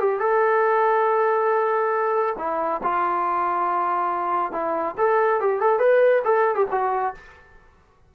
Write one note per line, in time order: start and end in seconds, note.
0.00 0.20 G4
0.20 2.36 A4
2.39 2.82 E4
2.84 4.53 F4
4.53 4.96 E4
4.98 5.41 A4
5.41 5.61 G4
5.61 5.80 A4
5.80 6.23 B4
6.25 6.56 A4
6.56 6.67 G4
6.72 7.15 F#4